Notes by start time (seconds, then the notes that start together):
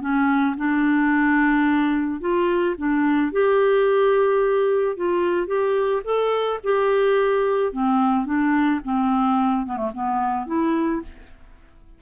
0.00 C#4
0.56 D4
2.20 F4
2.77 D4
3.32 G4
4.96 F4
5.46 G4
6.04 A4
6.63 G4
7.72 C4
8.25 D4
8.83 C4
9.65 B3
9.77 A3
9.94 B3
10.46 E4